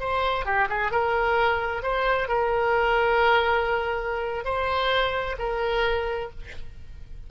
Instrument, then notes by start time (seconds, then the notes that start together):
oboe
0.00 C5
0.45 G4
0.69 G#4
0.92 A#4
1.83 C5
2.28 A#4
4.44 C5
5.39 A#4